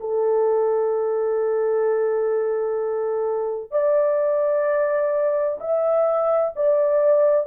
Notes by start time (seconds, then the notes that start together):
0.00 A4
3.71 D5
5.60 E5
6.56 D5